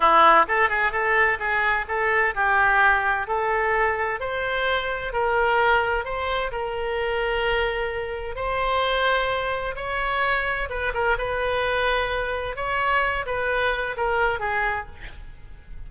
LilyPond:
\new Staff \with { instrumentName = "oboe" } { \time 4/4 \tempo 4 = 129 e'4 a'8 gis'8 a'4 gis'4 | a'4 g'2 a'4~ | a'4 c''2 ais'4~ | ais'4 c''4 ais'2~ |
ais'2 c''2~ | c''4 cis''2 b'8 ais'8 | b'2. cis''4~ | cis''8 b'4. ais'4 gis'4 | }